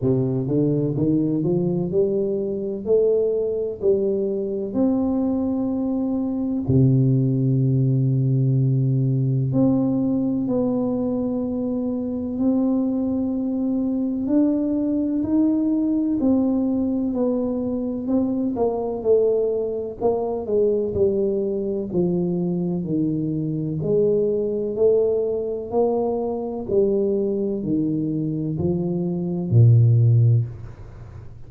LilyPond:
\new Staff \with { instrumentName = "tuba" } { \time 4/4 \tempo 4 = 63 c8 d8 dis8 f8 g4 a4 | g4 c'2 c4~ | c2 c'4 b4~ | b4 c'2 d'4 |
dis'4 c'4 b4 c'8 ais8 | a4 ais8 gis8 g4 f4 | dis4 gis4 a4 ais4 | g4 dis4 f4 ais,4 | }